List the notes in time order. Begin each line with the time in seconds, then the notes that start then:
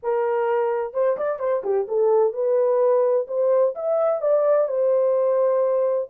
0.02 A#4
0.93 C5
1.17 D5
1.39 C5
1.63 G4
1.87 A4
2.33 B4
3.27 C5
3.75 E5
4.21 D5
4.68 C5